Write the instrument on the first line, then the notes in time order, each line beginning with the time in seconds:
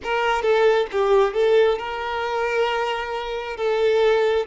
violin
0.02 A#4
0.42 A4
0.91 G4
1.34 A4
1.78 A#4
3.56 A4